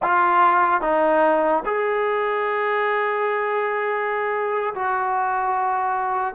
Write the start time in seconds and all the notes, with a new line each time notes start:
0.02 F4
0.81 D#4
1.65 G#4
4.74 F#4